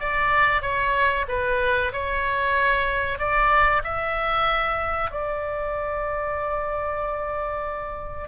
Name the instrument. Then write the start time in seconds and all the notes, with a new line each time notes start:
oboe
0.00 D5
0.62 C#5
1.29 B4
1.93 C#5
3.19 D5
3.84 E5
5.11 D5